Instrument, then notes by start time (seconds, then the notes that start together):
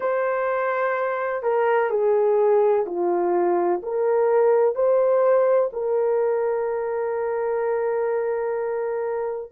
horn
0.00 C5
1.42 A#4
1.90 G#4
2.86 F4
3.82 A#4
4.75 C5
5.72 A#4